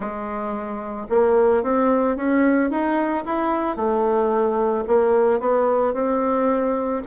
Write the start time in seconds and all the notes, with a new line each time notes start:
0.00 G#3
1.09 A#3
1.63 C4
2.16 C#4
2.70 D#4
3.25 E4
3.76 A3
4.87 A#3
5.40 B3
5.93 C4